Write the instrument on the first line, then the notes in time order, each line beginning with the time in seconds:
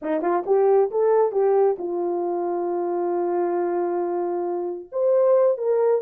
horn
0.02 D#4
0.21 F4
0.46 G4
0.91 A4
1.32 G4
1.78 F4
4.92 C5
5.57 A#4